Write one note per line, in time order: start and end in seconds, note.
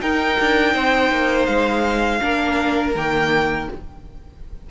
0.00 2.20 D#4
0.00 0.38 D#4
0.00 0.73 A#4
0.00 1.45 G5
0.40 0.75 D4
0.73 1.11 C4
0.73 2.20 C5
1.11 1.48 A#3
1.45 2.21 G#3
1.45 2.92 F5
2.21 2.95 A#3
2.21 2.94 D4
2.21 3.70 A#4
2.95 3.68 D#3
2.95 3.70 A#3
2.95 3.69 G5